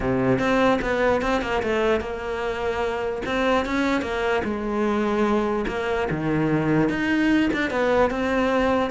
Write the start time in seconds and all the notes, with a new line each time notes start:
0.00 C3
0.39 C4
0.81 B3
1.21 C4
1.41 A#3
1.62 A3
2.00 A#3
3.25 C4
3.65 C#4
4.01 A#3
4.44 G#3
5.67 A#3
6.10 D#3
6.89 D#4
7.53 D4
7.70 B3
8.10 C4